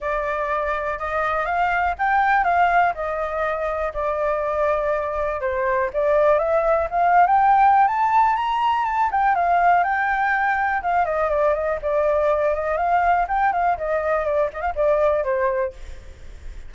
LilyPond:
\new Staff \with { instrumentName = "flute" } { \time 4/4 \tempo 4 = 122 d''2 dis''4 f''4 | g''4 f''4 dis''2 | d''2. c''4 | d''4 e''4 f''8. g''4~ g''16 |
a''4 ais''4 a''8 g''8 f''4 | g''2 f''8 dis''8 d''8 dis''8 | d''4. dis''8 f''4 g''8 f''8 | dis''4 d''8 dis''16 f''16 d''4 c''4 | }